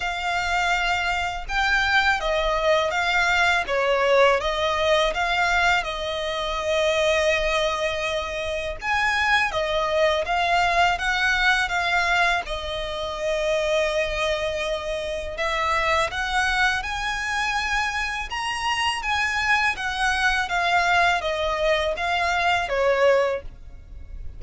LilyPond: \new Staff \with { instrumentName = "violin" } { \time 4/4 \tempo 4 = 82 f''2 g''4 dis''4 | f''4 cis''4 dis''4 f''4 | dis''1 | gis''4 dis''4 f''4 fis''4 |
f''4 dis''2.~ | dis''4 e''4 fis''4 gis''4~ | gis''4 ais''4 gis''4 fis''4 | f''4 dis''4 f''4 cis''4 | }